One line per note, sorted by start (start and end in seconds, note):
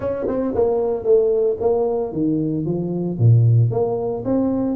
0.00 0.26 C#4
0.27 0.54 C4
0.55 1.04 A#3
1.04 1.57 A3
1.60 2.12 A#3
2.12 2.65 D#3
2.65 3.18 F3
3.18 3.70 A#2
3.70 4.24 A#3
4.24 4.76 C4